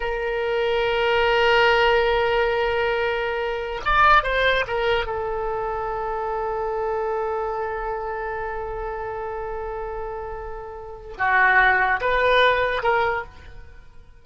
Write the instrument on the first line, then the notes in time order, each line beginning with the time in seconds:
oboe
0.00 A#4
3.84 D5
4.23 C5
4.67 A#4
5.06 A4
11.17 F#4
12.00 B4
12.83 A#4